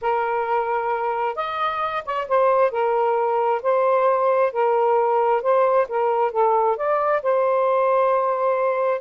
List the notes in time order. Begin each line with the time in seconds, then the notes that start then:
0.01 A#4
1.35 D#5
2.05 C#5
2.27 C5
2.71 A#4
3.62 C5
4.52 A#4
5.42 C5
5.88 A#4
6.31 A4
6.76 D5
7.22 C5